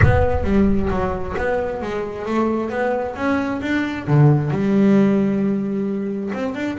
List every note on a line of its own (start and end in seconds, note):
0.02 0.43 B3
0.43 0.88 G3
0.90 1.35 F#3
1.37 1.81 B3
1.81 2.25 G#3
2.25 2.70 A3
2.70 3.15 B3
3.15 3.60 C#4
3.61 4.06 D4
4.07 4.50 D3
4.50 6.31 G3
6.33 6.54 C4
6.54 6.77 D4